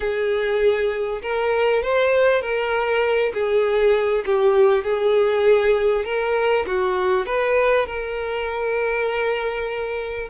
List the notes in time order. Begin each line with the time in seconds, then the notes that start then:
0.00 G#4
1.22 A#4
1.83 C5
2.41 A#4
3.33 G#4
4.25 G4
4.83 G#4
6.04 A#4
6.66 F#4
7.26 B4
7.86 A#4